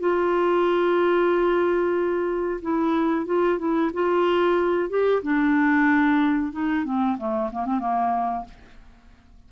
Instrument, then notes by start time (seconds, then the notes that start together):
clarinet
0.00 F4
2.62 E4
3.26 F4
3.59 E4
3.94 F4
4.90 G4
5.23 D4
6.52 D#4
6.85 C4
7.18 A3
7.52 A#3
7.66 C4
7.80 A#3